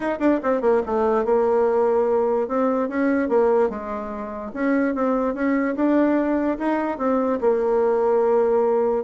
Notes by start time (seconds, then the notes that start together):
0.00 D#4
0.19 D4
0.43 C4
0.61 A#3
0.86 A3
1.24 A#3
2.48 C4
2.88 C#4
3.28 A#3
3.69 G#3
4.53 C#4
4.94 C4
5.34 C#4
5.75 D4
6.58 D#4
6.98 C4
7.40 A#3